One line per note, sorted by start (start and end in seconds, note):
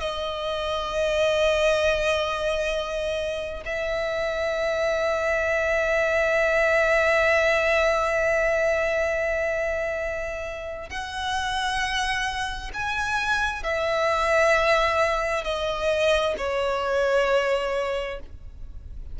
0.00 3.64 D#5
3.66 10.90 E5
10.90 12.71 F#5
12.74 13.64 G#5
13.64 15.44 E5
15.44 16.35 D#5
16.38 18.20 C#5